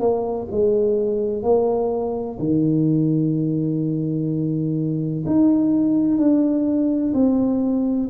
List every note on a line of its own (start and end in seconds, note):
0.00 0.48 A#3
0.51 1.43 G#3
1.43 2.38 A#3
2.39 5.25 D#3
5.26 6.18 D#4
6.18 7.13 D4
7.14 8.09 C4